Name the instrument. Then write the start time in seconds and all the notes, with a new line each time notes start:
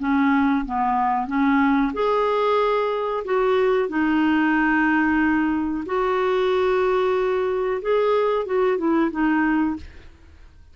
clarinet
0.00 C#4
0.66 B3
1.27 C#4
1.94 G#4
3.25 F#4
3.89 D#4
5.86 F#4
7.82 G#4
8.46 F#4
8.78 E4
9.12 D#4